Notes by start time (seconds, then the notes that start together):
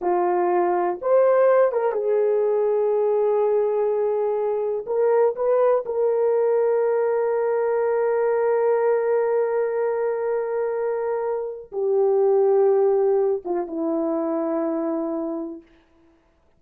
0.01 F4
1.01 C5
1.71 A#4
1.92 G#4
4.86 A#4
5.35 B4
5.85 A#4
11.71 G4
13.44 F4
13.67 E4